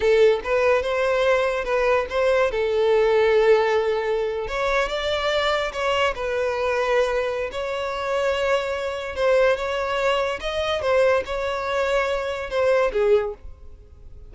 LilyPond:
\new Staff \with { instrumentName = "violin" } { \time 4/4 \tempo 4 = 144 a'4 b'4 c''2 | b'4 c''4 a'2~ | a'2~ a'8. cis''4 d''16~ | d''4.~ d''16 cis''4 b'4~ b'16~ |
b'2 cis''2~ | cis''2 c''4 cis''4~ | cis''4 dis''4 c''4 cis''4~ | cis''2 c''4 gis'4 | }